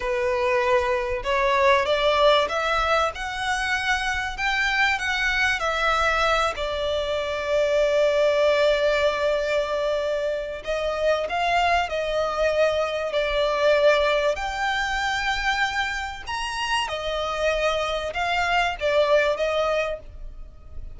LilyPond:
\new Staff \with { instrumentName = "violin" } { \time 4/4 \tempo 4 = 96 b'2 cis''4 d''4 | e''4 fis''2 g''4 | fis''4 e''4. d''4.~ | d''1~ |
d''4 dis''4 f''4 dis''4~ | dis''4 d''2 g''4~ | g''2 ais''4 dis''4~ | dis''4 f''4 d''4 dis''4 | }